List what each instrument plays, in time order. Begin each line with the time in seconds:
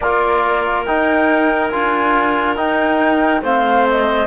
0.00 cello A#3, trombone F4, clarinet A#4, flute D5
0.85 trombone D#4, cello D#4, flute G5
1.67 cello D4, trombone F4, flute G#5
2.56 trombone D#4, cello D#4, flute G5
3.41 cello A3, trombone C4, clarinet C5, flute F5
3.89 flute D#5